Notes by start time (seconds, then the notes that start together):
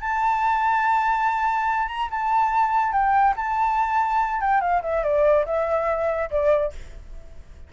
0.00 A5
1.88 A#5
2.10 A5
2.92 G5
3.36 A5
4.41 G5
4.60 F5
4.82 E5
5.03 D5
5.45 E5
6.30 D5